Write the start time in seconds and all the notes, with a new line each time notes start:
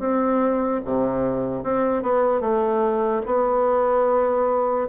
0.00 C4
0.85 C3
1.64 C4
2.03 B3
2.41 A3
3.27 B3